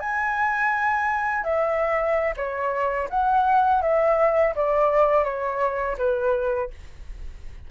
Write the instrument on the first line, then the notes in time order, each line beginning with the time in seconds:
flute
0.00 G#5
1.44 E5
2.37 C#5
3.10 F#5
3.82 E5
4.56 D5
5.24 C#5
5.98 B4